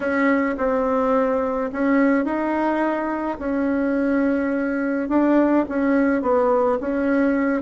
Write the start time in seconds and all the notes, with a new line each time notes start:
0.00 C#4
0.57 C4
1.72 C#4
2.24 D#4
3.39 C#4
5.08 D4
5.68 C#4
6.22 B3
6.80 C#4